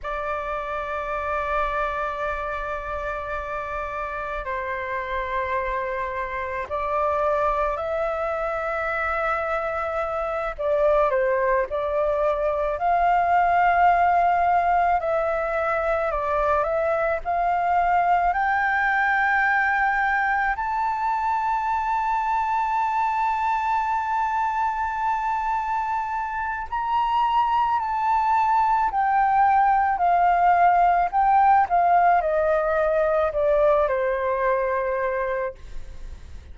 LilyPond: \new Staff \with { instrumentName = "flute" } { \time 4/4 \tempo 4 = 54 d''1 | c''2 d''4 e''4~ | e''4. d''8 c''8 d''4 f''8~ | f''4. e''4 d''8 e''8 f''8~ |
f''8 g''2 a''4.~ | a''1 | ais''4 a''4 g''4 f''4 | g''8 f''8 dis''4 d''8 c''4. | }